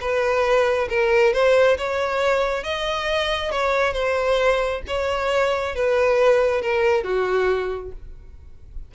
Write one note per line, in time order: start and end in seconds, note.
0.00 0.88 B4
0.89 1.33 A#4
1.33 1.77 C5
1.77 2.64 C#5
2.64 3.51 D#5
3.51 3.93 C#5
3.93 4.81 C5
4.87 5.75 C#5
5.75 6.61 B4
6.61 7.03 A#4
7.03 7.92 F#4